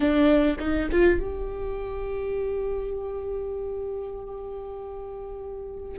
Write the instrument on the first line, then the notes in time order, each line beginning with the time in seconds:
viola
0.00 D4
0.59 D#4
0.91 F4
1.19 G4